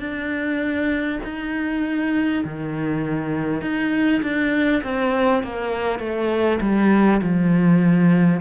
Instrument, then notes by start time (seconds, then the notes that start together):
cello
0.00 D4
1.24 D#4
2.45 D#3
3.62 D#4
4.23 D4
4.83 C4
5.44 A#3
5.99 A3
6.61 G3
7.23 F3